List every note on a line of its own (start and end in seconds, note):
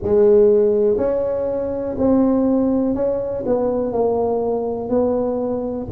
0.02 0.97 G#3
0.97 1.95 C#4
1.98 2.95 C4
2.95 3.44 C#4
3.46 3.92 B3
3.92 4.89 A#3
4.89 5.87 B3